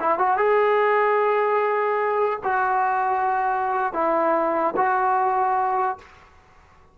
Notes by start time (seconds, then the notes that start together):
0.00 E4
0.18 F#4
0.37 G#4
2.43 F#4
3.93 E4
4.76 F#4